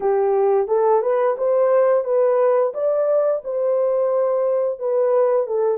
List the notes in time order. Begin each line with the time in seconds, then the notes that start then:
0.00 G4
0.67 A4
1.02 B4
1.37 C5
2.04 B4
2.73 D5
3.44 C5
4.79 B4
5.47 A4